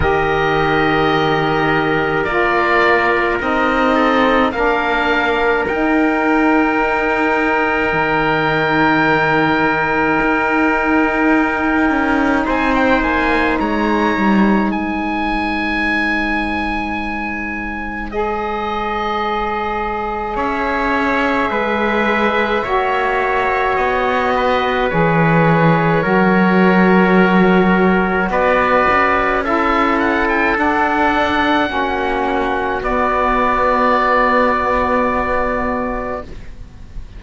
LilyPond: <<
  \new Staff \with { instrumentName = "oboe" } { \time 4/4 \tempo 4 = 53 dis''2 d''4 dis''4 | f''4 g''2.~ | g''2. gis''16 g''16 gis''8 | ais''4 gis''2. |
dis''2 e''2~ | e''4 dis''4 cis''2~ | cis''4 d''4 e''8 fis''16 g''16 fis''4~ | fis''4 d''2. | }
  \new Staff \with { instrumentName = "trumpet" } { \time 4/4 ais'2.~ ais'8 a'8 | ais'1~ | ais'2. c''4 | cis''4 c''2.~ |
c''2 cis''4 b'4 | cis''4. b'4. ais'4~ | ais'4 b'4 a'2 | fis'1 | }
  \new Staff \with { instrumentName = "saxophone" } { \time 4/4 g'2 f'4 dis'4 | d'4 dis'2.~ | dis'1~ | dis'1 |
gis'1 | fis'2 gis'4 fis'4~ | fis'2 e'4 d'4 | cis'4 b2. | }
  \new Staff \with { instrumentName = "cello" } { \time 4/4 dis2 ais4 c'4 | ais4 dis'2 dis4~ | dis4 dis'4. cis'8 c'8 ais8 | gis8 g8 gis2.~ |
gis2 cis'4 gis4 | ais4 b4 e4 fis4~ | fis4 b8 cis'4. d'4 | ais4 b2. | }
>>